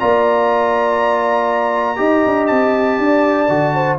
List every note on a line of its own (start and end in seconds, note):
0.00 2.00 A#3
0.00 1.97 F4
0.00 1.99 D5
0.00 2.47 A#5
1.97 2.25 D#4
1.97 3.47 G4
1.97 2.99 D#5
2.26 2.51 D4
2.47 2.99 C4
2.47 3.97 A5
2.99 3.49 D4
2.99 3.75 D5
3.49 3.99 D3
3.49 3.99 F#4
3.75 3.99 C5